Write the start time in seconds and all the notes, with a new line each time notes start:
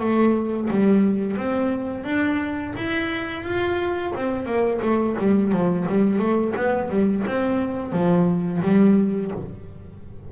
0.00 A3
0.71 G3
1.37 C4
2.04 D4
2.77 E4
3.44 F4
4.16 C4
4.46 A#3
4.82 A3
5.19 G3
5.52 F3
5.89 G3
6.19 A3
6.56 B3
6.90 G3
7.27 C4
7.92 F3
8.62 G3